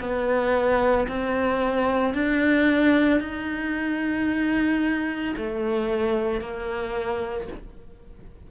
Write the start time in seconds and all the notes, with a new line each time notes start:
0.00 B3
1.08 C4
2.14 D4
3.20 D#4
5.37 A3
6.41 A#3